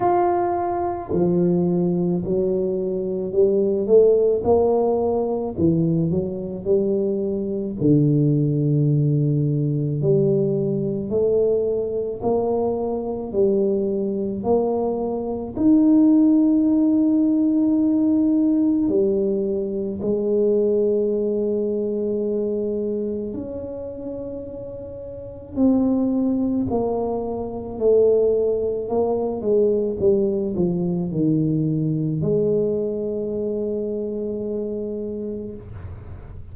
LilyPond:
\new Staff \with { instrumentName = "tuba" } { \time 4/4 \tempo 4 = 54 f'4 f4 fis4 g8 a8 | ais4 e8 fis8 g4 d4~ | d4 g4 a4 ais4 | g4 ais4 dis'2~ |
dis'4 g4 gis2~ | gis4 cis'2 c'4 | ais4 a4 ais8 gis8 g8 f8 | dis4 gis2. | }